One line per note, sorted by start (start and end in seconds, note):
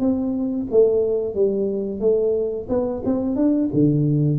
0.00 0.67 C4
0.71 1.35 A3
1.35 2.00 G3
2.00 2.68 A3
2.69 3.03 B3
3.05 3.36 C4
3.36 3.70 D4
3.74 4.39 D3